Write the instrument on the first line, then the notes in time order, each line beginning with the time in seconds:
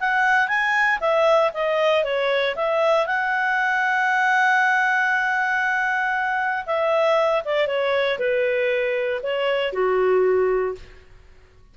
clarinet
0.00 F#5
0.48 G#5
1.00 E5
1.54 D#5
2.04 C#5
2.56 E5
3.07 F#5
6.66 E5
7.45 D5
7.67 C#5
8.19 B4
9.23 C#5
9.73 F#4